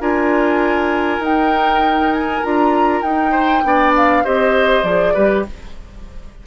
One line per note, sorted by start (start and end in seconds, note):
0.00 1.19 D4
0.00 1.21 F4
0.00 3.31 A#4
0.00 1.22 G#5
1.19 2.40 D#4
1.19 2.42 D#4
1.19 2.12 G5
2.12 2.43 G#5
2.42 3.02 D4
2.42 3.03 F4
2.42 3.02 A#5
3.02 3.62 D#4
3.02 3.63 D#4
3.02 3.92 G5
3.31 3.61 C5
3.63 4.24 B3
3.63 4.23 D4
3.63 4.24 D5
3.96 4.25 F5
4.24 4.83 C4
4.24 4.84 G4
4.24 5.13 C5
4.24 4.83 D#5
4.83 5.13 F3
4.83 5.15 G#4
4.83 5.44 D5
5.13 5.46 G3
5.13 5.45 G4
5.13 5.44 B4